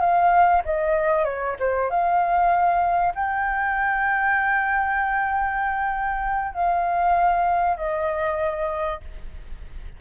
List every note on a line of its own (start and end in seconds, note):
0.00 0.62 F5
0.65 1.25 D#5
1.25 1.55 C#5
1.59 1.90 C5
1.90 3.13 F5
3.15 6.53 G5
6.53 7.77 F5
7.77 9.01 D#5